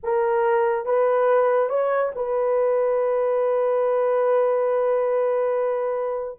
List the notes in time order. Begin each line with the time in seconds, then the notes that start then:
0.03 A#4
0.85 B4
1.69 C#5
2.15 B4